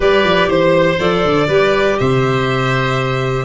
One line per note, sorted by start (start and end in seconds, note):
0.00 0.24 G3
0.00 0.97 G4
0.00 0.47 B4
0.00 0.50 D5
0.24 0.47 F3
0.47 0.97 E3
0.47 1.47 C5
0.47 0.99 C5
0.97 1.24 F3
0.97 1.47 A4
0.97 1.98 D5
1.24 1.48 D3
1.47 1.97 G3
1.47 3.44 G4
1.47 1.97 B4
1.98 3.44 C3
1.98 3.44 C5
1.98 3.44 E5